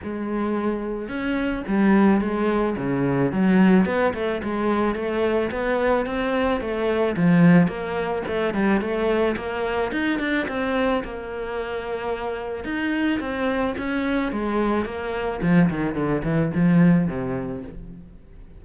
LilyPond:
\new Staff \with { instrumentName = "cello" } { \time 4/4 \tempo 4 = 109 gis2 cis'4 g4 | gis4 cis4 fis4 b8 a8 | gis4 a4 b4 c'4 | a4 f4 ais4 a8 g8 |
a4 ais4 dis'8 d'8 c'4 | ais2. dis'4 | c'4 cis'4 gis4 ais4 | f8 dis8 d8 e8 f4 c4 | }